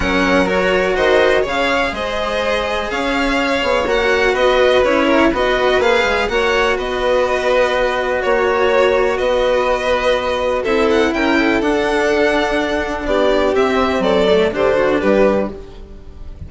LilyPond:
<<
  \new Staff \with { instrumentName = "violin" } { \time 4/4 \tempo 4 = 124 fis''4 cis''4 dis''4 f''4 | dis''2 f''2 | fis''4 dis''4 cis''4 dis''4 | f''4 fis''4 dis''2~ |
dis''4 cis''2 dis''4~ | dis''2 e''8 fis''8 g''4 | fis''2. d''4 | e''4 d''4 c''4 b'4 | }
  \new Staff \with { instrumentName = "violin" } { \time 4/4 ais'2 c''4 cis''4 | c''2 cis''2~ | cis''4 b'4. ais'8 b'4~ | b'4 cis''4 b'2~ |
b'4 cis''2 b'4~ | b'2 a'4 ais'8 a'8~ | a'2. g'4~ | g'4 a'4 g'8 fis'8 g'4 | }
  \new Staff \with { instrumentName = "cello" } { \time 4/4 cis'4 fis'2 gis'4~ | gis'1 | fis'2 e'4 fis'4 | gis'4 fis'2.~ |
fis'1~ | fis'2 e'2 | d'1 | c'4. a8 d'2 | }
  \new Staff \with { instrumentName = "bassoon" } { \time 4/4 fis2 dis4 cis4 | gis2 cis'4. b8 | ais4 b4 cis'4 b4 | ais8 gis8 ais4 b2~ |
b4 ais2 b4~ | b2 c'4 cis'4 | d'2. b4 | c'4 fis4 d4 g4 | }
>>